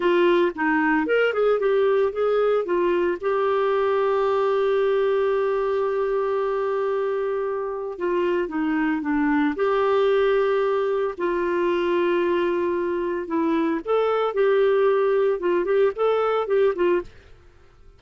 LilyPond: \new Staff \with { instrumentName = "clarinet" } { \time 4/4 \tempo 4 = 113 f'4 dis'4 ais'8 gis'8 g'4 | gis'4 f'4 g'2~ | g'1~ | g'2. f'4 |
dis'4 d'4 g'2~ | g'4 f'2.~ | f'4 e'4 a'4 g'4~ | g'4 f'8 g'8 a'4 g'8 f'8 | }